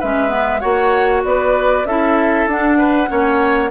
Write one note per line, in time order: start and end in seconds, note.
0.00 0.64 G#3
0.00 0.29 C#4
0.00 0.61 B4
0.00 0.60 E5
0.29 0.60 B3
0.60 1.24 A#3
0.60 1.84 F#4
0.60 1.22 C#5
0.60 1.22 F#5
1.24 1.85 B3
1.24 1.87 B4
1.24 1.86 D5
1.85 2.47 C#4
1.85 2.50 E4
1.85 2.78 A4
1.85 2.48 E5
2.47 3.09 D4
2.47 3.08 D4
2.47 3.70 F#5
2.78 3.09 B4
3.08 3.70 A#3
3.08 3.70 C#4
3.08 3.70 C#5